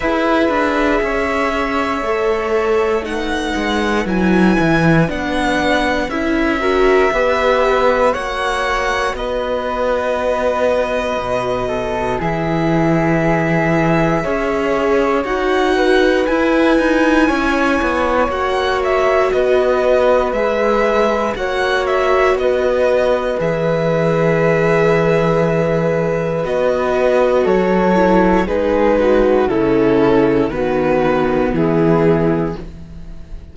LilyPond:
<<
  \new Staff \with { instrumentName = "violin" } { \time 4/4 \tempo 4 = 59 e''2. fis''4 | gis''4 fis''4 e''2 | fis''4 dis''2. | e''2. fis''4 |
gis''2 fis''8 e''8 dis''4 | e''4 fis''8 e''8 dis''4 e''4~ | e''2 dis''4 cis''4 | b'4 a'4 b'4 gis'4 | }
  \new Staff \with { instrumentName = "flute" } { \time 4/4 b'4 cis''2 b'4~ | b'2~ b'8 ais'8 b'4 | cis''4 b'2~ b'8 a'8 | gis'2 cis''4. b'8~ |
b'4 cis''2 b'4~ | b'4 cis''4 b'2~ | b'2. a'4 | gis'8 fis'8 e'4 fis'4 e'4 | }
  \new Staff \with { instrumentName = "viola" } { \time 4/4 gis'2 a'4 dis'4 | e'4 d'4 e'8 fis'8 g'4 | fis'1 | e'2 gis'4 fis'4 |
e'2 fis'2 | gis'4 fis'2 gis'4~ | gis'2 fis'4. e'8 | dis'4 cis'4 b2 | }
  \new Staff \with { instrumentName = "cello" } { \time 4/4 e'8 d'8 cis'4 a4. gis8 | fis8 e8 b4 cis'4 b4 | ais4 b2 b,4 | e2 cis'4 dis'4 |
e'8 dis'8 cis'8 b8 ais4 b4 | gis4 ais4 b4 e4~ | e2 b4 fis4 | gis4 cis4 dis4 e4 | }
>>